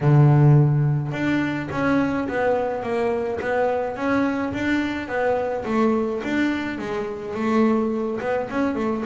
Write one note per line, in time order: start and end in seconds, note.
0.00 1.12 D3
1.12 1.68 D4
1.71 2.28 C#4
2.28 2.83 B3
2.83 3.39 A#3
3.40 3.96 B3
3.96 4.53 C#4
4.53 5.08 D4
5.08 5.64 B3
5.65 6.22 A3
6.24 6.78 D4
6.78 7.34 G#3
7.34 8.19 A3
8.20 8.49 B3
8.50 8.75 C#4
8.75 9.03 A3